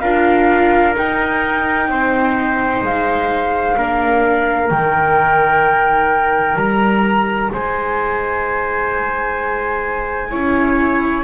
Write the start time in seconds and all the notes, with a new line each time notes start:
0.00 D4 F4 A#4 F5
0.95 D#4 G5
1.88 C4 C5
2.82 G#3 F5
3.77 A#3 D4 A#4
4.69 D#3 D#4 G5
6.56 G3 A#5
7.52 G#3 C5 G#5
10.31 C#4 E4 C#5